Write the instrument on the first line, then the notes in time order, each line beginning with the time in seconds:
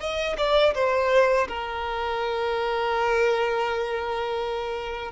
violin
0.00 D#5
0.38 D5
0.75 C5
1.48 A#4